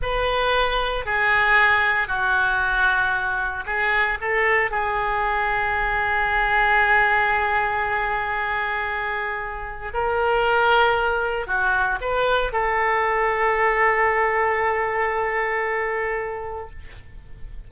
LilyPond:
\new Staff \with { instrumentName = "oboe" } { \time 4/4 \tempo 4 = 115 b'2 gis'2 | fis'2. gis'4 | a'4 gis'2.~ | gis'1~ |
gis'2. ais'4~ | ais'2 fis'4 b'4 | a'1~ | a'1 | }